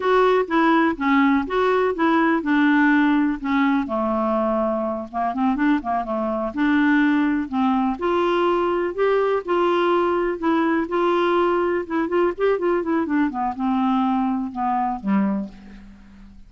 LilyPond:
\new Staff \with { instrumentName = "clarinet" } { \time 4/4 \tempo 4 = 124 fis'4 e'4 cis'4 fis'4 | e'4 d'2 cis'4 | a2~ a8 ais8 c'8 d'8 | ais8 a4 d'2 c'8~ |
c'8 f'2 g'4 f'8~ | f'4. e'4 f'4.~ | f'8 e'8 f'8 g'8 f'8 e'8 d'8 b8 | c'2 b4 g4 | }